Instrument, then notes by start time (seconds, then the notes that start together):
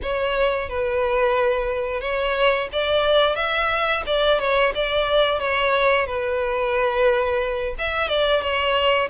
violin
0.02 C#5
0.69 B4
2.00 C#5
2.72 D5
3.35 E5
4.06 D5
4.39 C#5
4.75 D5
5.39 C#5
6.06 B4
7.78 E5
8.08 D5
8.41 C#5